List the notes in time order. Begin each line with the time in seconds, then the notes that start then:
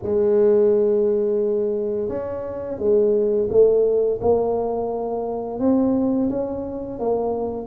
0.02 G#3
2.08 C#4
2.78 G#3
3.49 A3
4.21 A#3
5.59 C4
6.29 C#4
6.99 A#3